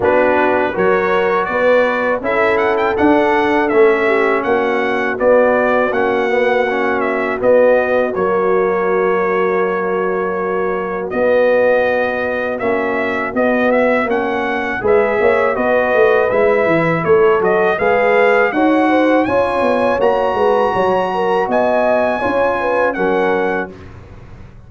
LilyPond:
<<
  \new Staff \with { instrumentName = "trumpet" } { \time 4/4 \tempo 4 = 81 b'4 cis''4 d''4 e''8 fis''16 g''16 | fis''4 e''4 fis''4 d''4 | fis''4. e''8 dis''4 cis''4~ | cis''2. dis''4~ |
dis''4 e''4 dis''8 e''8 fis''4 | e''4 dis''4 e''4 cis''8 dis''8 | f''4 fis''4 gis''4 ais''4~ | ais''4 gis''2 fis''4 | }
  \new Staff \with { instrumentName = "horn" } { \time 4/4 fis'4 ais'4 b'4 a'4~ | a'4. g'8 fis'2~ | fis'1~ | fis'1~ |
fis'1 | b'8 cis''8 b'2 a'4 | b'4 cis''8 c''8 cis''4. b'8 | cis''8 ais'8 dis''4 cis''8 b'8 ais'4 | }
  \new Staff \with { instrumentName = "trombone" } { \time 4/4 d'4 fis'2 e'4 | d'4 cis'2 b4 | cis'8 b8 cis'4 b4 ais4~ | ais2. b4~ |
b4 cis'4 b4 cis'4 | gis'4 fis'4 e'4. fis'8 | gis'4 fis'4 f'4 fis'4~ | fis'2 f'4 cis'4 | }
  \new Staff \with { instrumentName = "tuba" } { \time 4/4 b4 fis4 b4 cis'4 | d'4 a4 ais4 b4 | ais2 b4 fis4~ | fis2. b4~ |
b4 ais4 b4 ais4 | gis8 ais8 b8 a8 gis8 e8 a8 fis8 | gis4 dis'4 cis'8 b8 ais8 gis8 | fis4 b4 cis'4 fis4 | }
>>